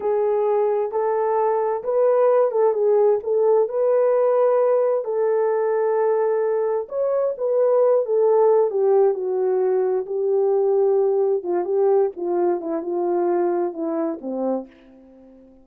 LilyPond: \new Staff \with { instrumentName = "horn" } { \time 4/4 \tempo 4 = 131 gis'2 a'2 | b'4. a'8 gis'4 a'4 | b'2. a'4~ | a'2. cis''4 |
b'4. a'4. g'4 | fis'2 g'2~ | g'4 f'8 g'4 f'4 e'8 | f'2 e'4 c'4 | }